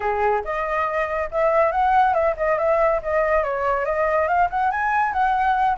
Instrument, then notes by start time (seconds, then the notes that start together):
flute
0.00 G#4
0.44 D#5
1.31 E5
1.71 F#5
2.14 E5
2.36 D#5
2.58 E5
3.02 D#5
3.43 C#5
3.85 D#5
4.27 F5
4.50 F#5
4.71 G#5
5.13 F#5